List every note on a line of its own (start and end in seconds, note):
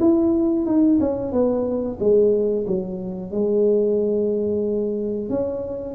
0.00 0.66 E4
0.66 0.99 D#4
1.00 1.32 C#4
1.32 1.98 B3
2.00 2.66 G#3
2.67 3.32 F#3
3.32 5.30 G#3
5.30 5.95 C#4